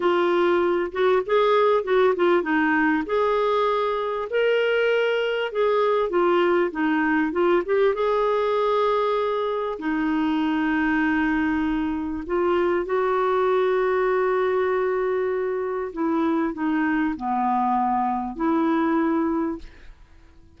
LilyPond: \new Staff \with { instrumentName = "clarinet" } { \time 4/4 \tempo 4 = 98 f'4. fis'8 gis'4 fis'8 f'8 | dis'4 gis'2 ais'4~ | ais'4 gis'4 f'4 dis'4 | f'8 g'8 gis'2. |
dis'1 | f'4 fis'2.~ | fis'2 e'4 dis'4 | b2 e'2 | }